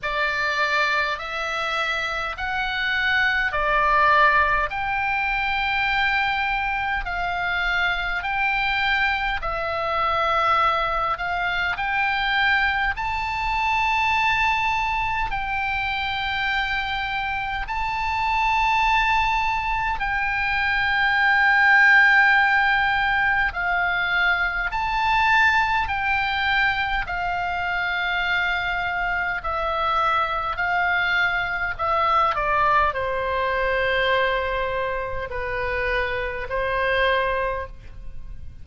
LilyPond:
\new Staff \with { instrumentName = "oboe" } { \time 4/4 \tempo 4 = 51 d''4 e''4 fis''4 d''4 | g''2 f''4 g''4 | e''4. f''8 g''4 a''4~ | a''4 g''2 a''4~ |
a''4 g''2. | f''4 a''4 g''4 f''4~ | f''4 e''4 f''4 e''8 d''8 | c''2 b'4 c''4 | }